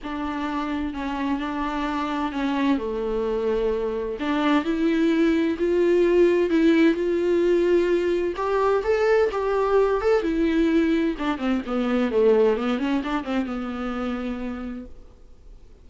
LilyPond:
\new Staff \with { instrumentName = "viola" } { \time 4/4 \tempo 4 = 129 d'2 cis'4 d'4~ | d'4 cis'4 a2~ | a4 d'4 e'2 | f'2 e'4 f'4~ |
f'2 g'4 a'4 | g'4. a'8 e'2 | d'8 c'8 b4 a4 b8 cis'8 | d'8 c'8 b2. | }